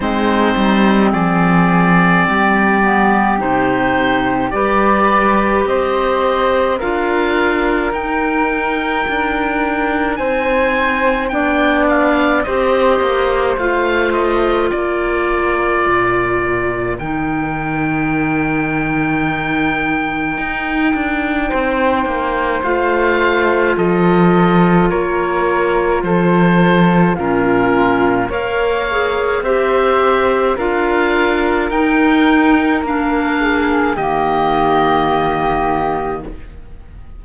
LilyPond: <<
  \new Staff \with { instrumentName = "oboe" } { \time 4/4 \tempo 4 = 53 c''4 d''2 c''4 | d''4 dis''4 f''4 g''4~ | g''4 gis''4 g''8 f''8 dis''4 | f''8 dis''8 d''2 g''4~ |
g''1 | f''4 dis''4 cis''4 c''4 | ais'4 f''4 e''4 f''4 | g''4 f''4 dis''2 | }
  \new Staff \with { instrumentName = "flute" } { \time 4/4 dis'4 gis'4 g'2 | b'4 c''4 ais'2~ | ais'4 c''4 d''4 c''4~ | c''4 ais'2.~ |
ais'2. c''4~ | c''4 a'4 ais'4 a'4 | f'4 cis''4 c''4 ais'4~ | ais'4. gis'8 g'2 | }
  \new Staff \with { instrumentName = "clarinet" } { \time 4/4 c'2~ c'8 b8 dis'4 | g'2 f'4 dis'4~ | dis'2 d'4 g'4 | f'2. dis'4~ |
dis'1 | f'1 | cis'4 ais'8 gis'8 g'4 f'4 | dis'4 d'4 ais2 | }
  \new Staff \with { instrumentName = "cello" } { \time 4/4 gis8 g8 f4 g4 c4 | g4 c'4 d'4 dis'4 | d'4 c'4 b4 c'8 ais8 | a4 ais4 ais,4 dis4~ |
dis2 dis'8 d'8 c'8 ais8 | a4 f4 ais4 f4 | ais,4 ais4 c'4 d'4 | dis'4 ais4 dis2 | }
>>